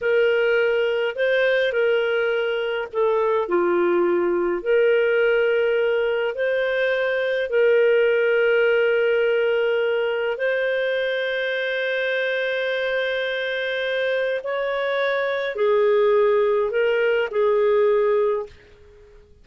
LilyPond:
\new Staff \with { instrumentName = "clarinet" } { \time 4/4 \tempo 4 = 104 ais'2 c''4 ais'4~ | ais'4 a'4 f'2 | ais'2. c''4~ | c''4 ais'2.~ |
ais'2 c''2~ | c''1~ | c''4 cis''2 gis'4~ | gis'4 ais'4 gis'2 | }